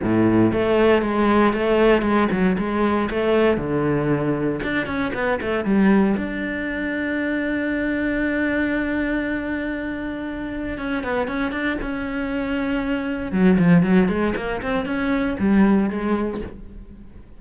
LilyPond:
\new Staff \with { instrumentName = "cello" } { \time 4/4 \tempo 4 = 117 a,4 a4 gis4 a4 | gis8 fis8 gis4 a4 d4~ | d4 d'8 cis'8 b8 a8 g4 | d'1~ |
d'1~ | d'4 cis'8 b8 cis'8 d'8 cis'4~ | cis'2 fis8 f8 fis8 gis8 | ais8 c'8 cis'4 g4 gis4 | }